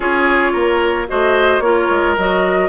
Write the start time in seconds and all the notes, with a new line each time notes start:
0.00 C#4 F4 G#4 C#5
0.52 A#3 A#4
1.08 A3 F#4 C5 D#5
1.59 A#3 F4 A#4 C#5
1.90 G#3
2.17 F#3 F#4 D#5